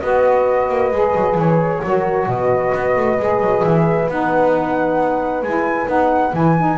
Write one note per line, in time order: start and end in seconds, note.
0.00 0.69 B3
0.00 0.93 F#4
0.00 1.84 B4
0.00 1.35 D#5
0.69 0.92 A#3
0.92 1.14 G#3
0.92 1.83 G#4
1.15 1.35 F#3
1.35 1.80 E3
1.35 2.30 C#5
1.84 2.27 F#3
1.84 3.20 F#4
1.84 2.28 A#4
2.27 2.72 B2
2.27 6.78 B4
2.27 3.64 D#5
2.75 2.96 B3
2.96 3.19 A3
3.20 3.41 G#3
3.20 4.09 G#4
3.41 3.63 F#3
3.64 4.08 E3
3.64 4.09 E5
4.08 5.42 B3
4.08 5.45 D#4
4.08 5.43 F#5
5.42 5.87 G#3
5.42 5.87 E4
5.42 5.88 G#5
5.87 6.33 B3
5.87 6.33 D#4
5.87 6.34 F#5
6.34 6.78 E3
6.34 6.56 E4
6.34 6.78 G#5
6.58 6.78 D#4